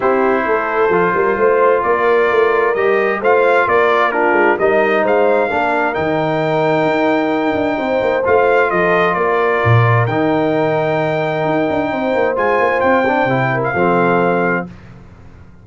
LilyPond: <<
  \new Staff \with { instrumentName = "trumpet" } { \time 4/4 \tempo 4 = 131 c''1 | d''2 dis''4 f''4 | d''4 ais'4 dis''4 f''4~ | f''4 g''2.~ |
g''2 f''4 dis''4 | d''2 g''2~ | g''2. gis''4 | g''4.~ g''16 f''2~ f''16 | }
  \new Staff \with { instrumentName = "horn" } { \time 4/4 g'4 a'4. ais'8 c''4 | ais'2. c''4 | ais'4 f'4 ais'4 c''4 | ais'1~ |
ais'4 c''2 a'4 | ais'1~ | ais'2 c''2~ | c''4. ais'8 a'2 | }
  \new Staff \with { instrumentName = "trombone" } { \time 4/4 e'2 f'2~ | f'2 g'4 f'4~ | f'4 d'4 dis'2 | d'4 dis'2.~ |
dis'2 f'2~ | f'2 dis'2~ | dis'2. f'4~ | f'8 d'8 e'4 c'2 | }
  \new Staff \with { instrumentName = "tuba" } { \time 4/4 c'4 a4 f8 g8 a4 | ais4 a4 g4 a4 | ais4. gis8 g4 gis4 | ais4 dis2 dis'4~ |
dis'8 d'8 c'8 ais8 a4 f4 | ais4 ais,4 dis2~ | dis4 dis'8 d'8 c'8 ais8 gis8 ais8 | c'4 c4 f2 | }
>>